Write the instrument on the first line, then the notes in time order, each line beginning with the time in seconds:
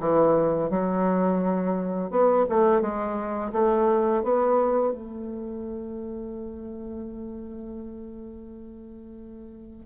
bassoon
0.00 E3
0.70 F#3
2.10 B3
2.49 A3
2.81 G#3
3.53 A3
4.23 B3
4.92 A3